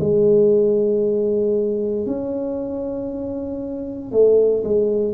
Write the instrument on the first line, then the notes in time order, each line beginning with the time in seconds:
tuba
0.00 G#3
2.06 C#4
4.12 A3
4.64 G#3